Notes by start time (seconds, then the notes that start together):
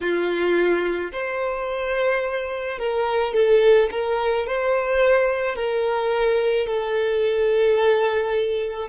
0.00 F4
1.12 C5
2.78 A#4
3.34 A4
3.91 A#4
4.46 C5
5.56 A#4
6.66 A4